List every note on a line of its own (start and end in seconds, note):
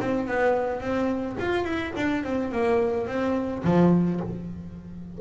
0.00 0.27 C4
0.27 0.80 B3
0.80 1.36 C4
1.39 1.64 F4
1.64 1.92 E4
1.96 2.24 D4
2.24 2.51 C4
2.51 3.07 A#3
3.07 3.63 C4
3.64 4.20 F3